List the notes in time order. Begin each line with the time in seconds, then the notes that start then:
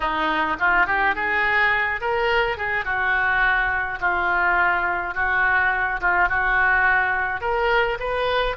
0.00 D#4
0.59 F4
0.86 G4
1.15 G#4
2.00 A#4
2.57 G#4
2.84 F#4
4.00 F4
5.14 F#4
6.01 F4
6.28 F#4
7.41 A#4
7.99 B4